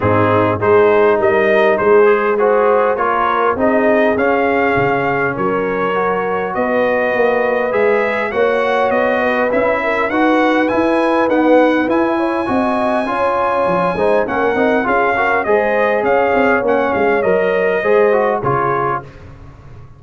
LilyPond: <<
  \new Staff \with { instrumentName = "trumpet" } { \time 4/4 \tempo 4 = 101 gis'4 c''4 dis''4 c''4 | gis'4 cis''4 dis''4 f''4~ | f''4 cis''2 dis''4~ | dis''4 e''4 fis''4 dis''4 |
e''4 fis''4 gis''4 fis''4 | gis''1 | fis''4 f''4 dis''4 f''4 | fis''8 f''8 dis''2 cis''4 | }
  \new Staff \with { instrumentName = "horn" } { \time 4/4 dis'4 gis'4 ais'4 gis'4 | c''4 ais'4 gis'2~ | gis'4 ais'2 b'4~ | b'2 cis''4. b'8~ |
b'8 ais'8 b'2.~ | b'8 cis''8 dis''4 cis''4. c''8 | ais'4 gis'8 ais'8 c''4 cis''4~ | cis''2 c''4 gis'4 | }
  \new Staff \with { instrumentName = "trombone" } { \time 4/4 c'4 dis'2~ dis'8 gis'8 | fis'4 f'4 dis'4 cis'4~ | cis'2 fis'2~ | fis'4 gis'4 fis'2 |
e'4 fis'4 e'4 b4 | e'4 fis'4 f'4. dis'8 | cis'8 dis'8 f'8 fis'8 gis'2 | cis'4 ais'4 gis'8 fis'8 f'4 | }
  \new Staff \with { instrumentName = "tuba" } { \time 4/4 gis,4 gis4 g4 gis4~ | gis4 ais4 c'4 cis'4 | cis4 fis2 b4 | ais4 gis4 ais4 b4 |
cis'4 dis'4 e'4 dis'4 | e'4 c'4 cis'4 f8 gis8 | ais8 c'8 cis'4 gis4 cis'8 c'8 | ais8 gis8 fis4 gis4 cis4 | }
>>